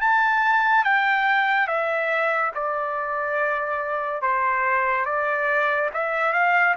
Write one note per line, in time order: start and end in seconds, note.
0.00 0.84 A5
0.84 1.67 G5
1.67 2.52 E5
2.54 4.21 D5
4.21 5.05 C5
5.05 5.90 D5
5.93 6.33 E5
6.33 6.75 F5